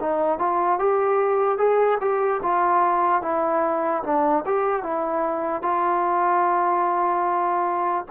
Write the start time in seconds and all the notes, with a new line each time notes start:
0.00 D#4
0.38 F4
0.79 G4
1.57 G#4
2.00 G4
2.42 F4
3.21 E4
4.03 D4
4.46 G4
4.83 E4
5.62 F4